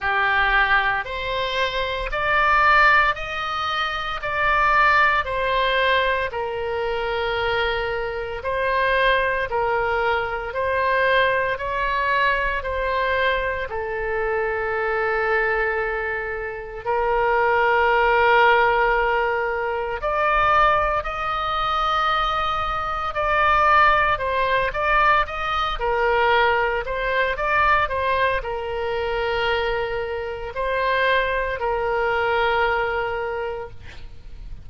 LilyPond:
\new Staff \with { instrumentName = "oboe" } { \time 4/4 \tempo 4 = 57 g'4 c''4 d''4 dis''4 | d''4 c''4 ais'2 | c''4 ais'4 c''4 cis''4 | c''4 a'2. |
ais'2. d''4 | dis''2 d''4 c''8 d''8 | dis''8 ais'4 c''8 d''8 c''8 ais'4~ | ais'4 c''4 ais'2 | }